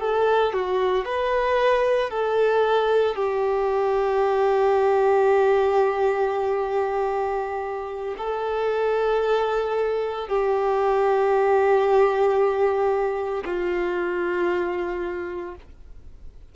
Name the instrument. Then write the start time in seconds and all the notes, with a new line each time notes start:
violin
0.00 A4
0.53 F#4
1.05 B4
2.10 A4
3.15 G4
8.17 A4
10.28 G4
13.45 F4